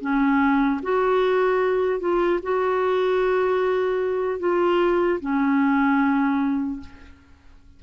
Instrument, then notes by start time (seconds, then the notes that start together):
clarinet
0.00 C#4
0.82 F#4
1.99 F4
2.43 F#4
4.39 F4
5.20 C#4